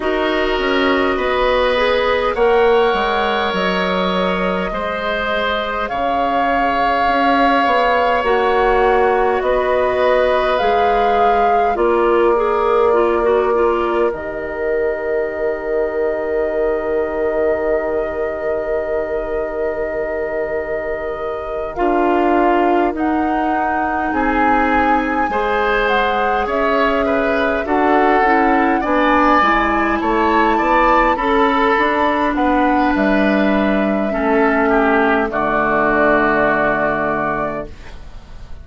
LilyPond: <<
  \new Staff \with { instrumentName = "flute" } { \time 4/4 \tempo 4 = 51 dis''2 fis''4 dis''4~ | dis''4 f''2 fis''4 | dis''4 f''4 d''2 | dis''1~ |
dis''2~ dis''8 f''4 fis''8~ | fis''8 gis''4. fis''8 e''4 fis''8~ | fis''8 gis''4 a''4 b''4 fis''8 | e''2 d''2 | }
  \new Staff \with { instrumentName = "oboe" } { \time 4/4 ais'4 b'4 cis''2 | c''4 cis''2. | b'2 ais'2~ | ais'1~ |
ais'1~ | ais'8 gis'4 c''4 cis''8 b'8 a'8~ | a'8 d''4 cis''8 d''8 a'4 b'8~ | b'4 a'8 g'8 fis'2 | }
  \new Staff \with { instrumentName = "clarinet" } { \time 4/4 fis'4. gis'8 ais'2 | gis'2. fis'4~ | fis'4 gis'4 f'8 gis'8 f'16 fis'16 f'8 | g'1~ |
g'2~ g'8 f'4 dis'8~ | dis'4. gis'2 fis'8 | e'8 d'8 e'4. a'8 d'4~ | d'4 cis'4 a2 | }
  \new Staff \with { instrumentName = "bassoon" } { \time 4/4 dis'8 cis'8 b4 ais8 gis8 fis4 | gis4 cis4 cis'8 b8 ais4 | b4 gis4 ais2 | dis1~ |
dis2~ dis8 d'4 dis'8~ | dis'8 c'4 gis4 cis'4 d'8 | cis'8 b8 gis8 a8 b8 cis'8 d'8 b8 | g4 a4 d2 | }
>>